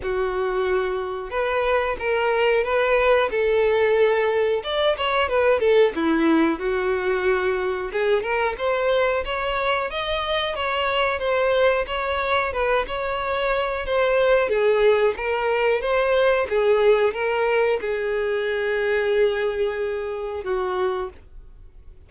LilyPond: \new Staff \with { instrumentName = "violin" } { \time 4/4 \tempo 4 = 91 fis'2 b'4 ais'4 | b'4 a'2 d''8 cis''8 | b'8 a'8 e'4 fis'2 | gis'8 ais'8 c''4 cis''4 dis''4 |
cis''4 c''4 cis''4 b'8 cis''8~ | cis''4 c''4 gis'4 ais'4 | c''4 gis'4 ais'4 gis'4~ | gis'2. fis'4 | }